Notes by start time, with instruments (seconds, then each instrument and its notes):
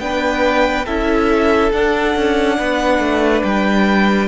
0.00 cello B3, viola D4, violin B4 G5
0.86 cello C#4, viola E4, violin A4 E5
1.72 cello D4, viola D4, violin F#5
2.16 cello C#4
2.58 cello B3, violin B4
2.99 cello A3
3.43 cello G3, violin G5